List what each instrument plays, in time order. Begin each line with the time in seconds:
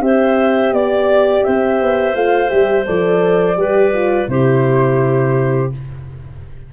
0.00 tuba C4, horn G4, clarinet C5, flute E5
0.71 tuba B3, flute D5, clarinet D5
1.44 tuba C4, clarinet C5, flute E5
1.81 tuba B3
2.15 tuba A3, horn F4, flute F5
2.48 tuba G3, horn G4, flute E5
2.86 tuba F3, horn A4, flute D5
3.56 tuba G3, horn G4, clarinet B4
3.93 horn F4
4.27 tuba C3, horn E4, clarinet G4, flute C5